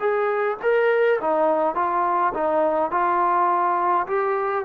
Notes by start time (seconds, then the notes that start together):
0.00 G#4
0.62 A#4
1.21 D#4
1.75 F4
2.34 D#4
2.91 F4
4.07 G4